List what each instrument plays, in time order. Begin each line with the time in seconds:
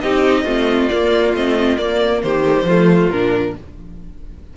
0.00 cello C4, viola D#4, violin G4 D#5
0.43 cello A3, viola C4, violin F4
0.88 viola A#3, cello A#3, violin D5
1.33 cello A3, viola C4, violin D#5
1.77 viola A#3, cello A#3, violin D5
2.22 cello D#3, violin G4 C5
2.45 viola A3
2.54 viola G3
2.63 cello F3, viola A3, violin F4
3.10 cello A#2, viola D4, violin A#4